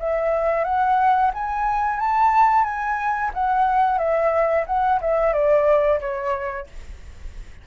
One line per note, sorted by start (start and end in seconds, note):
0.00 0.65 E5
0.65 1.32 F#5
1.35 2.00 G#5
2.00 2.65 A5
2.65 3.32 G#5
3.34 3.99 F#5
3.99 4.65 E5
4.67 5.01 F#5
5.02 5.34 E5
5.34 6.00 D5
6.01 6.67 C#5